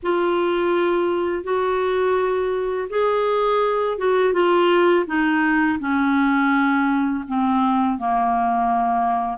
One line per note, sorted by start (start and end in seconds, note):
0.02 1.43 F4
1.43 2.88 F#4
2.89 3.98 G#4
3.98 4.33 F#4
4.33 5.05 F4
5.06 5.78 D#4
5.79 7.24 C#4
7.27 7.98 C4
7.98 9.37 A#3